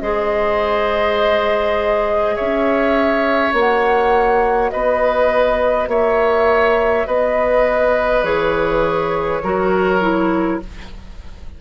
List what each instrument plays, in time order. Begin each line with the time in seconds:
0.00 bassoon G#3, clarinet G#4, oboe C5, flute D#5
2.35 bassoon C#4, oboe C#5, flute E5
3.52 bassoon A#3, clarinet F#4
3.59 flute F#5
4.70 bassoon B3, oboe B4, flute D#5
5.87 bassoon A#3, oboe C#5, flute E5
7.06 bassoon B3, oboe B4, flute D#5
8.23 bassoon E3, clarinet G#4, flute C#5
9.43 bassoon F#3, clarinet F#4, oboe A#4
10.01 clarinet E4